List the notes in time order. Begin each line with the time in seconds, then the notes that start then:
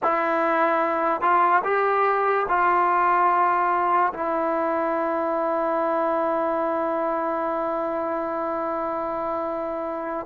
0.03 E4
1.21 F4
1.64 G4
2.48 F4
4.13 E4